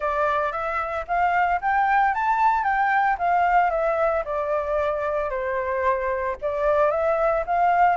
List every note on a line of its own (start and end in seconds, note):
0.00 0.52 D5
0.52 1.05 E5
1.07 1.60 F5
1.61 2.14 G5
2.14 2.63 A5
2.63 3.16 G5
3.18 3.70 F5
3.70 4.23 E5
4.24 5.30 D5
5.30 6.36 C5
6.41 6.91 D5
6.91 7.44 E5
7.46 7.96 F5